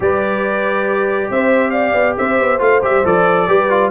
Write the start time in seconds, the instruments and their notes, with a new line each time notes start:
0.00 tuba G3, trombone G4, horn B4, trumpet D5
1.30 tuba C4, horn C5, trumpet E5
1.70 horn D5, trumpet F5
1.94 tuba B3
2.17 tuba C4, horn C5, trumpet E5
2.39 tuba B3
2.58 tuba A3, trombone F4, trumpet F5
2.82 tuba G3, trombone G4, trumpet E5
3.04 tuba F3, trombone A4, trumpet D5
3.48 tuba G3, trombone G4, horn B4
3.69 trombone F4